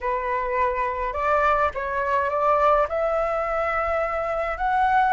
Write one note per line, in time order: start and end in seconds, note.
0.00 1.13 B4
1.13 1.70 D5
1.74 2.29 C#5
2.29 2.86 D5
2.89 4.57 E5
4.57 5.13 F#5